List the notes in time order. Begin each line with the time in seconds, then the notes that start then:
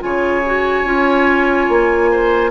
0.00 C#3 F4 C#5 G#5
0.46 F#4
0.84 C#4 F4
1.69 A#3
2.11 C5